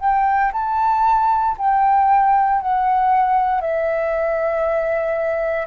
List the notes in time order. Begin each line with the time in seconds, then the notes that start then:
0.00 G5
0.52 A5
1.58 G5
2.61 F#5
3.61 E5